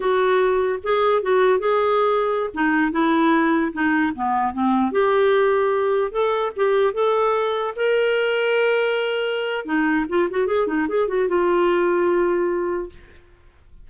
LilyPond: \new Staff \with { instrumentName = "clarinet" } { \time 4/4 \tempo 4 = 149 fis'2 gis'4 fis'4 | gis'2~ gis'16 dis'4 e'8.~ | e'4~ e'16 dis'4 b4 c'8.~ | c'16 g'2. a'8.~ |
a'16 g'4 a'2 ais'8.~ | ais'1 | dis'4 f'8 fis'8 gis'8 dis'8 gis'8 fis'8 | f'1 | }